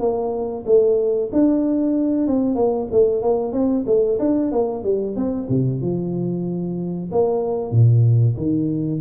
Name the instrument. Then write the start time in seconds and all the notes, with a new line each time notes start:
tuba
0.00 A#3
0.66 A3
1.33 D4
2.28 C4
2.56 A#3
2.92 A3
3.23 A#3
3.53 C4
3.87 A3
4.20 D4
4.52 A#3
4.84 G3
5.16 C4
5.50 C3
5.82 F3
7.12 A#3
7.72 A#2
8.38 D#3